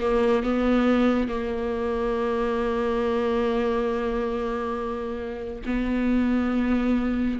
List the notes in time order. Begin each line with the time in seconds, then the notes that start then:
0.00 A#3
0.43 B3
1.28 A#3
5.66 B3